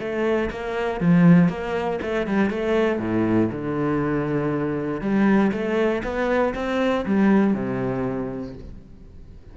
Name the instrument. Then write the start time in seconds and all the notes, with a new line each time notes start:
cello
0.00 A3
0.51 A#3
1.01 F3
1.49 A#3
2.03 A3
2.27 G3
2.50 A3
3.00 A2
3.52 D3
5.02 G3
5.53 A3
6.04 B3
6.55 C4
7.06 G3
7.54 C3